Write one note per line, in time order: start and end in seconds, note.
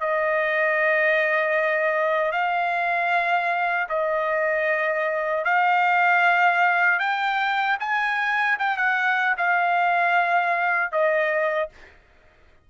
0.00 2.32 D#5
2.32 3.87 F5
3.89 5.44 D#5
5.44 7.00 F5
7.00 7.77 G5
7.80 8.58 G#5
8.59 8.77 G5
8.77 9.35 F#5
9.38 10.92 F5
10.92 11.70 D#5